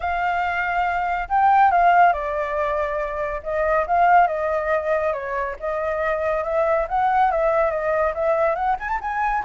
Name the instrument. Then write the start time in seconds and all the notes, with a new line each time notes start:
flute
0.00 F5
1.28 G5
1.71 F5
2.13 D5
3.43 D#5
3.86 F5
4.27 D#5
5.13 C#5
5.59 D#5
6.43 E5
6.88 F#5
7.31 E5
7.70 D#5
8.14 E5
8.55 F#5
8.79 G#5
8.88 A5
9.01 G#5